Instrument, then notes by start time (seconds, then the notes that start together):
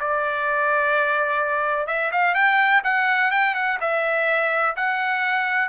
trumpet
0.00 D5
1.87 E5
2.12 F5
2.35 G5
2.84 F#5
3.31 G5
3.55 F#5
3.81 E5
4.77 F#5